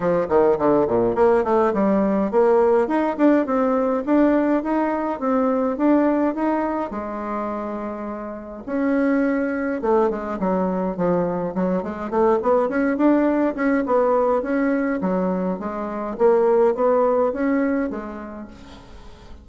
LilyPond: \new Staff \with { instrumentName = "bassoon" } { \time 4/4 \tempo 4 = 104 f8 dis8 d8 ais,8 ais8 a8 g4 | ais4 dis'8 d'8 c'4 d'4 | dis'4 c'4 d'4 dis'4 | gis2. cis'4~ |
cis'4 a8 gis8 fis4 f4 | fis8 gis8 a8 b8 cis'8 d'4 cis'8 | b4 cis'4 fis4 gis4 | ais4 b4 cis'4 gis4 | }